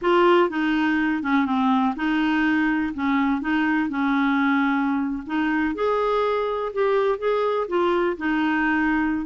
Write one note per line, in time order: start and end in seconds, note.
0.01 0.49 F4
0.49 1.22 D#4
1.22 1.45 C#4
1.45 1.94 C4
1.95 2.93 D#4
2.94 3.41 C#4
3.41 3.89 D#4
3.89 5.23 C#4
5.26 5.74 D#4
5.74 6.72 G#4
6.73 7.18 G4
7.18 7.67 G#4
7.68 8.16 F4
8.17 9.25 D#4